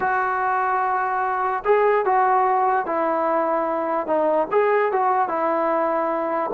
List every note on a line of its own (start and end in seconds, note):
0.00 1.63 F#4
1.64 2.05 G#4
2.05 2.86 F#4
2.86 4.06 E4
4.06 4.47 D#4
4.51 4.92 G#4
4.92 5.28 F#4
5.28 6.51 E4